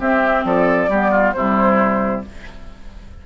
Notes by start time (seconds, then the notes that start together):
0.00 C4 G4 E5
0.45 F3 A4 D5
0.89 G3 B3 G4
1.11 F4
1.33 C3 G3 E4 C5